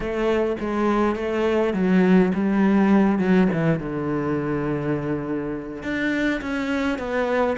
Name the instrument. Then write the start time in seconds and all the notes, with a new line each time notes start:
cello
0.00 A3
0.60 G#3
1.15 A3
1.73 F#3
2.34 G3
3.19 F#3
3.52 E3
3.79 D3
5.82 D4
6.41 C#4
6.98 B3